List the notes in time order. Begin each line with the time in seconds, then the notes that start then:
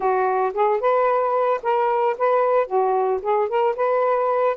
0.00 F#4
0.53 G#4
0.80 B4
1.62 A#4
2.17 B4
2.66 F#4
3.22 G#4
3.48 A#4
3.76 B4